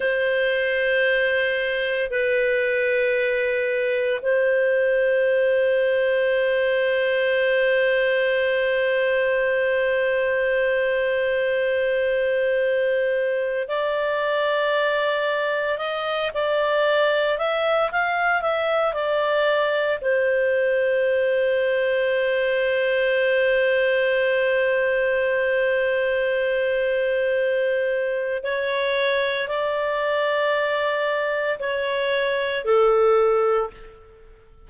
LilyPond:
\new Staff \with { instrumentName = "clarinet" } { \time 4/4 \tempo 4 = 57 c''2 b'2 | c''1~ | c''1~ | c''4 d''2 dis''8 d''8~ |
d''8 e''8 f''8 e''8 d''4 c''4~ | c''1~ | c''2. cis''4 | d''2 cis''4 a'4 | }